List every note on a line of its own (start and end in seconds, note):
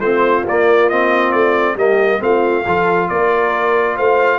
0.00 0.44 A3
0.00 0.47 C4
0.00 1.76 F4
0.00 0.45 C5
0.47 1.33 A#3
0.47 0.90 A#3
0.47 0.89 D5
0.89 1.77 C4
0.89 1.32 D#5
1.32 1.75 A3
1.32 1.76 D5
1.75 2.19 G3
1.75 2.19 A#3
1.75 2.20 G4
1.75 2.22 D#5
2.19 2.66 A3
2.19 2.63 C4
2.19 2.65 F4
2.19 3.09 F5
2.65 3.10 F3
2.65 4.39 F4
2.65 3.10 A4
3.09 3.98 A#3
3.09 3.95 A#4
3.09 3.97 D5
3.95 4.39 A3
3.95 4.39 C5
3.95 4.39 F5